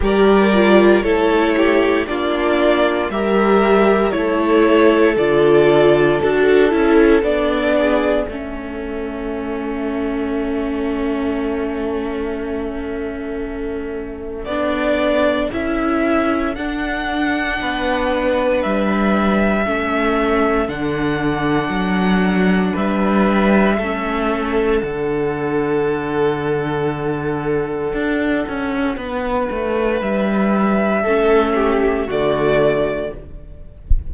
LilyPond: <<
  \new Staff \with { instrumentName = "violin" } { \time 4/4 \tempo 4 = 58 d''4 cis''4 d''4 e''4 | cis''4 d''4 a'4 d''4 | e''1~ | e''2 d''4 e''4 |
fis''2 e''2 | fis''2 e''2 | fis''1~ | fis''4 e''2 d''4 | }
  \new Staff \with { instrumentName = "violin" } { \time 4/4 ais'4 a'8 g'8 f'4 ais'4 | a'2.~ a'8 gis'8 | a'1~ | a'1~ |
a'4 b'2 a'4~ | a'2 b'4 a'4~ | a'1 | b'2 a'8 g'8 fis'4 | }
  \new Staff \with { instrumentName = "viola" } { \time 4/4 g'8 f'8 e'4 d'4 g'4 | e'4 f'4 fis'8 e'8 d'4 | cis'1~ | cis'2 d'4 e'4 |
d'2. cis'4 | d'2. cis'4 | d'1~ | d'2 cis'4 a4 | }
  \new Staff \with { instrumentName = "cello" } { \time 4/4 g4 a4 ais4 g4 | a4 d4 d'8 cis'8 b4 | a1~ | a2 b4 cis'4 |
d'4 b4 g4 a4 | d4 fis4 g4 a4 | d2. d'8 cis'8 | b8 a8 g4 a4 d4 | }
>>